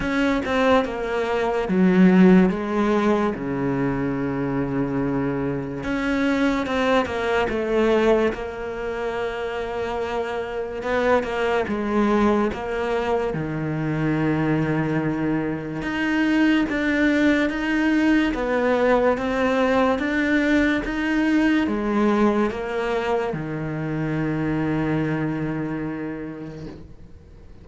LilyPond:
\new Staff \with { instrumentName = "cello" } { \time 4/4 \tempo 4 = 72 cis'8 c'8 ais4 fis4 gis4 | cis2. cis'4 | c'8 ais8 a4 ais2~ | ais4 b8 ais8 gis4 ais4 |
dis2. dis'4 | d'4 dis'4 b4 c'4 | d'4 dis'4 gis4 ais4 | dis1 | }